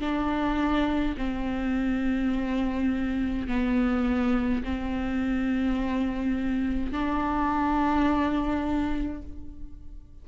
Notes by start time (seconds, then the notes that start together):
0.00 D4
1.17 C4
3.48 B3
4.64 C4
6.92 D4